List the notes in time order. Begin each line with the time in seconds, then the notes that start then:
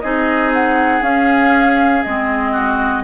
0.00 C4 D#4 G#4 D#5
0.53 F#5
1.01 C#4 F5
2.03 G#3 C4 D#5
2.52 F#4